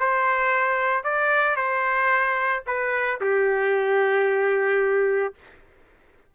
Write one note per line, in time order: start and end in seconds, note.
0.00 1.04 C5
1.04 1.56 D5
1.56 2.63 C5
2.67 3.20 B4
3.20 5.35 G4